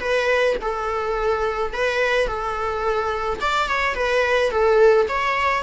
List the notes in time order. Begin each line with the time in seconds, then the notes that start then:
0.00 B4
0.62 A4
1.73 B4
2.27 A4
3.41 D5
3.68 C#5
3.95 B4
4.51 A4
5.08 C#5